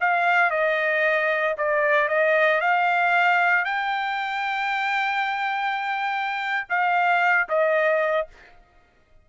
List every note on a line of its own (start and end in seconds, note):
0.00 0.50 F5
0.50 1.56 D#5
1.57 2.08 D5
2.08 2.61 D#5
2.61 3.64 F5
3.64 6.67 G5
6.69 7.48 F5
7.49 8.28 D#5